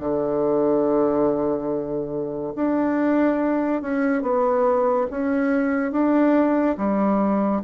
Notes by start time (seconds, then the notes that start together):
0.00 D3
2.55 D4
3.82 C#4
4.23 B3
5.11 C#4
5.92 D4
6.78 G3